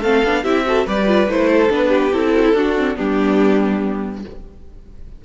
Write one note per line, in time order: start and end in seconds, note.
0.00 0.23 A3
0.00 0.25 C4
0.00 0.42 A4
0.00 0.45 F5
0.24 0.45 B3
0.24 0.45 D4
0.43 0.87 C4
0.43 0.66 E4
0.43 0.64 G4
0.43 0.87 E5
0.66 0.87 F#4
0.66 0.86 A4
0.86 1.28 G3
0.86 1.07 G4
0.86 1.49 B4
0.86 1.30 D5
1.07 1.28 F4
1.28 1.70 A3
1.28 1.69 E4
1.28 1.72 C5
1.49 1.88 A4
1.69 2.12 B3
1.69 2.11 D4
1.69 2.13 B4
1.88 2.30 G4
2.13 2.54 C4
2.13 2.55 E4
2.13 2.96 A4
2.35 2.45 F#4
2.45 2.55 E4
2.54 2.96 D4
2.54 2.78 D4
2.54 2.97 F#4
2.78 2.96 C4
2.96 4.25 G3
2.96 4.22 B3
2.96 4.23 D4
2.96 4.22 G4